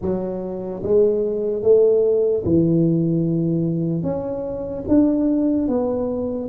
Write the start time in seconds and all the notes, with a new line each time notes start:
0.01 F#3
0.82 G#3
1.62 A3
2.45 E3
4.02 C#4
4.88 D4
5.68 B3